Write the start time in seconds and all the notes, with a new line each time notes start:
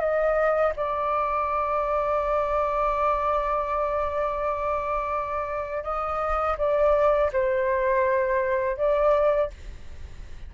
0.00 D#5
0.76 D5
5.84 D#5
6.58 D5
7.33 C5
8.77 D5